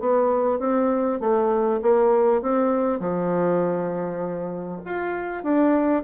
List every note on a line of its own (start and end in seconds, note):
0.00 0.59 B3
0.59 1.20 C4
1.20 1.80 A3
1.82 2.42 A#3
2.42 2.99 C4
2.99 4.81 F3
4.85 5.43 F4
5.43 6.03 D4